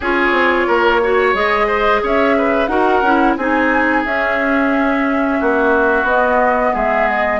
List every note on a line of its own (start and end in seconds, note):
0.00 0.31 C#4
0.00 1.02 F4
0.00 0.67 G#4
0.00 1.36 C#5
0.31 0.65 C4
0.67 1.33 A#3
0.67 1.01 A#4
1.02 1.34 F#4
1.02 1.67 C#5
1.33 2.01 G#3
1.33 2.68 G#4
1.33 2.03 D#5
1.67 2.01 C5
2.02 2.68 C#4
2.02 2.36 C#5
2.02 2.66 E5
2.37 2.70 B4
2.66 3.01 D#4
2.66 3.02 F#4
2.66 3.37 A#4
2.66 3.34 F#5
3.01 3.35 C#4
3.01 3.38 E4
3.37 4.04 C4
3.37 4.05 D#4
3.37 5.39 G#4
3.37 4.04 G#5
4.05 5.40 C#4
4.05 6.07 C#4
4.05 6.07 E5
5.39 6.03 A#3
5.39 6.73 F#4
6.03 6.70 B3
6.03 7.40 B3
6.03 6.74 D#5
6.73 7.40 G#3
6.73 7.40 G#4
6.73 7.08 E5
7.08 7.40 D#5